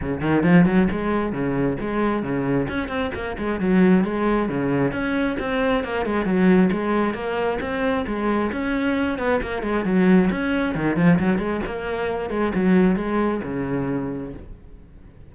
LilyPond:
\new Staff \with { instrumentName = "cello" } { \time 4/4 \tempo 4 = 134 cis8 dis8 f8 fis8 gis4 cis4 | gis4 cis4 cis'8 c'8 ais8 gis8 | fis4 gis4 cis4 cis'4 | c'4 ais8 gis8 fis4 gis4 |
ais4 c'4 gis4 cis'4~ | cis'8 b8 ais8 gis8 fis4 cis'4 | dis8 f8 fis8 gis8 ais4. gis8 | fis4 gis4 cis2 | }